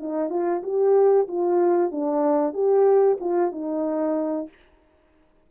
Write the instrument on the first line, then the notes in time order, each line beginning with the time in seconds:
horn
0.00 D#4
0.30 F4
0.63 G4
1.28 F4
1.92 D4
2.54 G4
3.21 F4
3.52 D#4